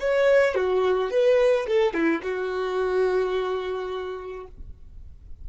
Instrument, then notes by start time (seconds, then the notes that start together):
violin
0.00 C#5
0.56 F#4
1.11 B4
1.68 A4
1.94 E4
2.23 F#4